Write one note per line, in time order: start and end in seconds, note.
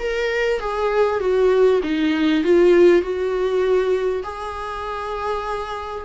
0.00 0.60 A#4
0.60 1.20 G#4
1.20 1.81 F#4
1.83 2.44 D#4
2.44 3.02 F4
3.02 4.23 F#4
4.24 6.05 G#4